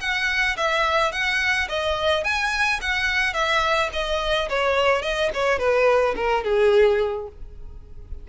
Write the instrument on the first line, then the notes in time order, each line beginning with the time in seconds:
violin
0.00 F#5
0.56 E5
1.12 F#5
1.68 D#5
2.24 G#5
2.81 F#5
3.33 E5
3.93 D#5
4.49 C#5
5.02 D#5
5.33 C#5
5.58 B4
6.16 A#4
6.44 G#4